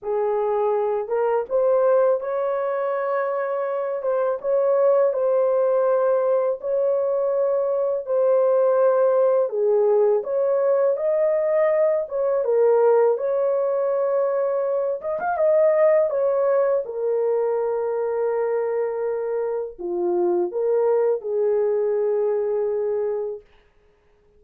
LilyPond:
\new Staff \with { instrumentName = "horn" } { \time 4/4 \tempo 4 = 82 gis'4. ais'8 c''4 cis''4~ | cis''4. c''8 cis''4 c''4~ | c''4 cis''2 c''4~ | c''4 gis'4 cis''4 dis''4~ |
dis''8 cis''8 ais'4 cis''2~ | cis''8 dis''16 f''16 dis''4 cis''4 ais'4~ | ais'2. f'4 | ais'4 gis'2. | }